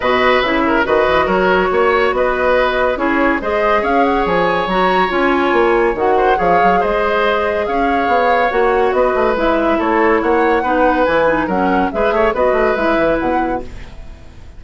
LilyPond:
<<
  \new Staff \with { instrumentName = "flute" } { \time 4/4 \tempo 4 = 141 dis''4 e''4 dis''4 cis''4~ | cis''4 dis''2 cis''4 | dis''4 f''8 fis''8 gis''4 ais''4 | gis''2 fis''4 f''4 |
dis''2 f''2 | fis''4 dis''4 e''4 cis''4 | fis''2 gis''4 fis''4 | e''4 dis''4 e''4 fis''4 | }
  \new Staff \with { instrumentName = "oboe" } { \time 4/4 b'4. ais'8 b'4 ais'4 | cis''4 b'2 gis'4 | c''4 cis''2.~ | cis''2~ cis''8 c''8 cis''4 |
c''2 cis''2~ | cis''4 b'2 a'4 | cis''4 b'2 ais'4 | b'8 cis''8 b'2. | }
  \new Staff \with { instrumentName = "clarinet" } { \time 4/4 fis'4 e'4 fis'2~ | fis'2. e'4 | gis'2. fis'4 | f'2 fis'4 gis'4~ |
gis'1 | fis'2 e'2~ | e'4 dis'4 e'8 dis'8 cis'4 | gis'4 fis'4 e'2 | }
  \new Staff \with { instrumentName = "bassoon" } { \time 4/4 b,4 cis4 dis8 e8 fis4 | ais4 b2 cis'4 | gis4 cis'4 f4 fis4 | cis'4 ais4 dis4 f8 fis8 |
gis2 cis'4 b4 | ais4 b8 a8 gis4 a4 | ais4 b4 e4 fis4 | gis8 a8 b8 a8 gis8 e8 b,4 | }
>>